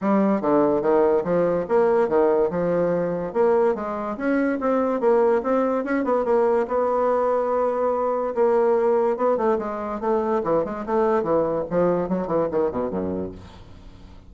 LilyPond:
\new Staff \with { instrumentName = "bassoon" } { \time 4/4 \tempo 4 = 144 g4 d4 dis4 f4 | ais4 dis4 f2 | ais4 gis4 cis'4 c'4 | ais4 c'4 cis'8 b8 ais4 |
b1 | ais2 b8 a8 gis4 | a4 e8 gis8 a4 e4 | f4 fis8 e8 dis8 b,8 fis,4 | }